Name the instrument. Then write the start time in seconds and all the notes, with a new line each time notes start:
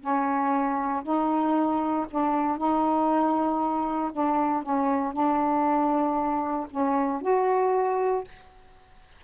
saxophone
0.00 C#4
1.03 D#4
2.10 D4
2.57 D#4
4.12 D4
4.62 C#4
5.13 D4
6.70 C#4
7.21 F#4